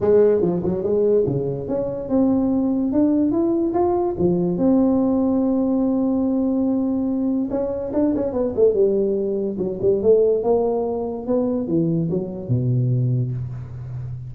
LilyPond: \new Staff \with { instrumentName = "tuba" } { \time 4/4 \tempo 4 = 144 gis4 f8 fis8 gis4 cis4 | cis'4 c'2 d'4 | e'4 f'4 f4 c'4~ | c'1~ |
c'2 cis'4 d'8 cis'8 | b8 a8 g2 fis8 g8 | a4 ais2 b4 | e4 fis4 b,2 | }